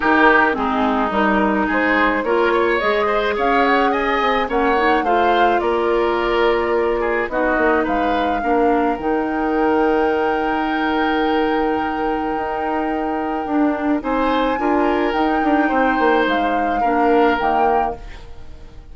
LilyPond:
<<
  \new Staff \with { instrumentName = "flute" } { \time 4/4 \tempo 4 = 107 ais'4 gis'4 ais'4 c''4 | cis''4 dis''4 f''8 fis''8 gis''4 | fis''4 f''4 d''2~ | d''4 dis''4 f''2 |
g''1~ | g''1~ | g''4 gis''2 g''4~ | g''4 f''2 g''4 | }
  \new Staff \with { instrumentName = "oboe" } { \time 4/4 g'4 dis'2 gis'4 | ais'8 cis''4 c''8 cis''4 dis''4 | cis''4 c''4 ais'2~ | ais'8 gis'8 fis'4 b'4 ais'4~ |
ais'1~ | ais'1~ | ais'4 c''4 ais'2 | c''2 ais'2 | }
  \new Staff \with { instrumentName = "clarinet" } { \time 4/4 dis'4 c'4 dis'2 | f'4 gis'2. | cis'8 dis'8 f'2.~ | f'4 dis'2 d'4 |
dis'1~ | dis'1 | d'4 dis'4 f'4 dis'4~ | dis'2 d'4 ais4 | }
  \new Staff \with { instrumentName = "bassoon" } { \time 4/4 dis4 gis4 g4 gis4 | ais4 gis4 cis'4. c'8 | ais4 a4 ais2~ | ais4 b8 ais8 gis4 ais4 |
dis1~ | dis2 dis'2 | d'4 c'4 d'4 dis'8 d'8 | c'8 ais8 gis4 ais4 dis4 | }
>>